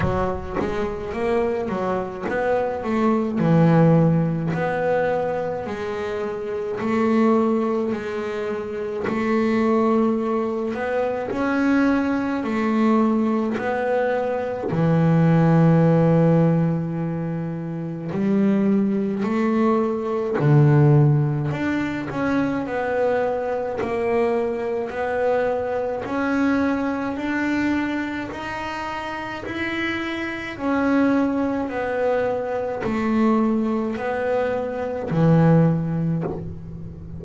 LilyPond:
\new Staff \with { instrumentName = "double bass" } { \time 4/4 \tempo 4 = 53 fis8 gis8 ais8 fis8 b8 a8 e4 | b4 gis4 a4 gis4 | a4. b8 cis'4 a4 | b4 e2. |
g4 a4 d4 d'8 cis'8 | b4 ais4 b4 cis'4 | d'4 dis'4 e'4 cis'4 | b4 a4 b4 e4 | }